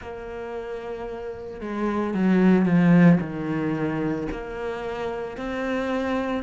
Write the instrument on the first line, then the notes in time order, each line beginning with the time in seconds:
cello
0.00 A#3
1.60 G#3
2.14 F#3
2.65 F3
3.20 D#3
4.31 A#3
5.37 C4